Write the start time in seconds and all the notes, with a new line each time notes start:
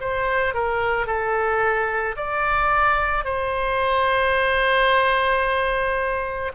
0.00 C5
0.54 A#4
1.06 A4
2.16 D5
3.24 C5